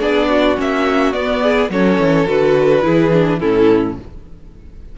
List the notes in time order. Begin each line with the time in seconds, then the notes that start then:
0.00 B3 D4 G#4 D5
0.30 F#4
0.57 A#3 C#4 E5
1.13 B3 D5
1.43 G#4
1.70 F#3 C#4 A4 C#5
1.98 E3
2.27 D3 F#4 B4
2.82 E3 E4 G#4
3.13 D4
3.39 A2 C#4 E4 A4